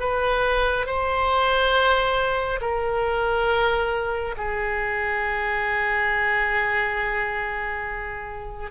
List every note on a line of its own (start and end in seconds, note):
0.00 0.87 B4
0.87 2.60 C5
2.62 4.36 A#4
4.38 8.72 G#4